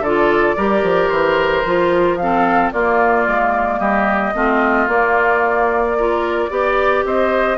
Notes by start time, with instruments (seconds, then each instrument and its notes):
0.00 bassoon D3, clarinet F4, oboe A4, flute D5
0.56 bassoon G3, clarinet G4, oboe A#4
0.82 bassoon F3
1.08 bassoon E3, flute C5
1.65 bassoon F3, clarinet F4
2.16 clarinet C4, oboe A4, flute F5
2.71 bassoon A#3, clarinet A#3, oboe F4, flute D5
3.27 bassoon G#3
3.79 bassoon G3, oboe G4, flute D#5
4.34 bassoon A3, clarinet C4, oboe F4
4.87 clarinet A#3, bassoon A#3, flute D5
5.97 clarinet F4, oboe A#4
6.49 bassoon B3, clarinet G4, oboe D5
7.04 bassoon C4, oboe C5, flute D#5